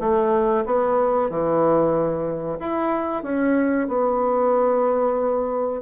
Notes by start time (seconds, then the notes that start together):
0.00 A3
0.65 B3
1.30 E3
2.59 E4
3.23 C#4
3.88 B3